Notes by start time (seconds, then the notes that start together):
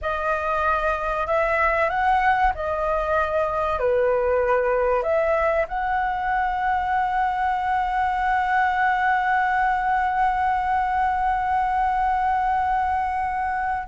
0.01 D#5
1.26 E5
1.89 F#5
2.54 D#5
3.79 B4
5.02 E5
5.68 F#5